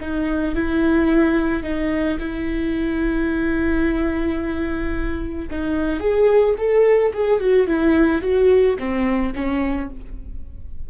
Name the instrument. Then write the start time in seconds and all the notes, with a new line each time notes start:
viola
0.00 D#4
0.55 E4
1.63 D#4
2.19 E4
5.50 D#4
5.99 G#4
6.57 A4
7.13 G#4
7.40 F#4
7.67 E4
8.21 F#4
8.78 C4
9.35 C#4